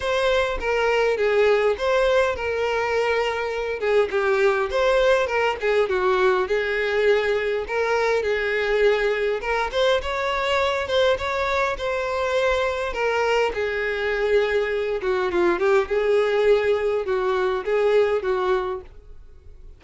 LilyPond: \new Staff \with { instrumentName = "violin" } { \time 4/4 \tempo 4 = 102 c''4 ais'4 gis'4 c''4 | ais'2~ ais'8 gis'8 g'4 | c''4 ais'8 gis'8 fis'4 gis'4~ | gis'4 ais'4 gis'2 |
ais'8 c''8 cis''4. c''8 cis''4 | c''2 ais'4 gis'4~ | gis'4. fis'8 f'8 g'8 gis'4~ | gis'4 fis'4 gis'4 fis'4 | }